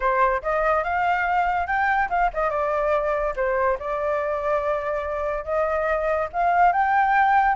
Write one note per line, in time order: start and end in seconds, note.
0.00 0.42 C5
0.42 0.83 D#5
0.83 1.66 F5
1.66 2.08 G5
2.09 2.30 F5
2.33 2.50 D#5
2.50 3.34 D5
3.36 3.78 C5
3.79 5.44 D5
5.44 6.28 D#5
6.32 6.72 F5
6.72 7.55 G5